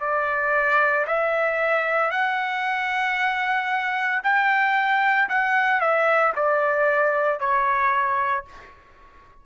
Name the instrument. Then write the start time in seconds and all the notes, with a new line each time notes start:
trumpet
0.00 D5
1.07 E5
2.11 F#5
4.23 G5
5.29 F#5
5.80 E5
6.35 D5
7.39 C#5